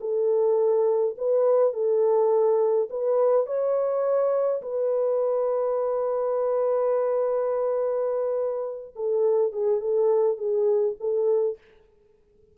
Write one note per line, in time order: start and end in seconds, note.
0.00 1.15 A4
1.17 1.73 B4
1.73 2.88 A4
2.90 3.46 B4
3.46 4.61 C#5
4.62 8.94 B4
8.95 9.52 A4
9.52 9.80 G#4
9.80 10.37 A4
10.37 10.95 G#4
11.00 11.57 A4